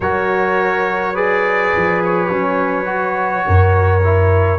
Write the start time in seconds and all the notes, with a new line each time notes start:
0.00 F#3 F#4 A#4 C#5
1.14 G#4 B4 D5
1.75 F3
2.04 C#5
2.28 F#3 C#4
2.85 F#4
3.46 F#2 A#4
4.03 E4